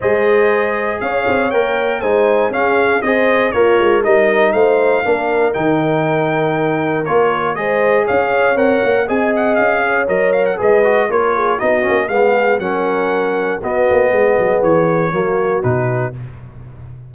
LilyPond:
<<
  \new Staff \with { instrumentName = "trumpet" } { \time 4/4 \tempo 4 = 119 dis''2 f''4 g''4 | gis''4 f''4 dis''4 cis''4 | dis''4 f''2 g''4~ | g''2 cis''4 dis''4 |
f''4 fis''4 gis''8 fis''8 f''4 | dis''8 f''16 fis''16 dis''4 cis''4 dis''4 | f''4 fis''2 dis''4~ | dis''4 cis''2 b'4 | }
  \new Staff \with { instrumentName = "horn" } { \time 4/4 c''2 cis''2 | c''4 gis'4 c''4 f'4 | ais'4 c''4 ais'2~ | ais'2. c''4 |
cis''2 dis''4. cis''8~ | cis''4 b'4 ais'8 gis'8 fis'4 | gis'4 ais'2 fis'4 | gis'2 fis'2 | }
  \new Staff \with { instrumentName = "trombone" } { \time 4/4 gis'2. ais'4 | dis'4 cis'4 gis'4 ais'4 | dis'2 d'4 dis'4~ | dis'2 f'4 gis'4~ |
gis'4 ais'4 gis'2 | ais'4 gis'8 fis'8 f'4 dis'8 cis'8 | b4 cis'2 b4~ | b2 ais4 dis'4 | }
  \new Staff \with { instrumentName = "tuba" } { \time 4/4 gis2 cis'8 c'8 ais4 | gis4 cis'4 c'4 ais8 gis8 | g4 a4 ais4 dis4~ | dis2 ais4 gis4 |
cis'4 c'8 ais8 c'4 cis'4 | fis4 gis4 ais4 b8 ais8 | gis4 fis2 b8 ais8 | gis8 fis8 e4 fis4 b,4 | }
>>